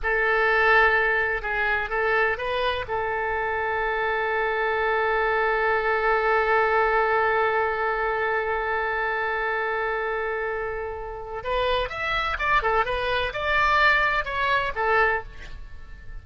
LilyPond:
\new Staff \with { instrumentName = "oboe" } { \time 4/4 \tempo 4 = 126 a'2. gis'4 | a'4 b'4 a'2~ | a'1~ | a'1~ |
a'1~ | a'1 | b'4 e''4 d''8 a'8 b'4 | d''2 cis''4 a'4 | }